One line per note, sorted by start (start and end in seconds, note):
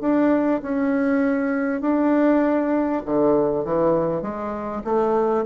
0.00 0.61 D4
0.62 1.81 C#4
1.81 3.02 D4
3.05 3.64 D3
3.64 4.21 E3
4.21 4.82 G#3
4.84 5.44 A3